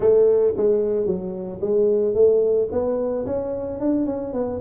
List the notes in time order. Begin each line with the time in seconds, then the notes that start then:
0.00 A3
0.57 G#3
1.06 F#3
1.61 G#3
2.14 A3
2.71 B3
3.26 C#4
3.80 D4
4.06 C#4
4.33 B3